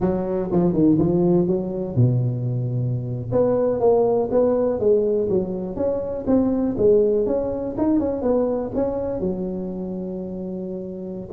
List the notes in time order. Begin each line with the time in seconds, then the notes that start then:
0.00 F#3
0.51 F3
0.73 D#3
0.98 F3
1.47 F#3
1.95 B2
3.32 B3
3.80 A#3
4.31 B3
4.79 G#3
5.29 F#3
5.76 C#4
6.26 C4
6.77 G#3
7.26 C#4
7.77 D#4
7.99 C#4
8.22 B3
8.75 C#4
9.20 F#3